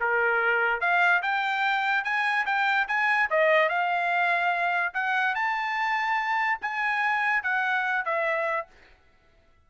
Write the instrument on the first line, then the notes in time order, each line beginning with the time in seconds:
trumpet
0.00 A#4
0.80 F5
1.22 G5
2.04 G#5
2.46 G5
2.88 G#5
3.30 D#5
3.69 F5
4.93 F#5
5.35 A5
6.61 G#5
7.43 F#5
8.05 E5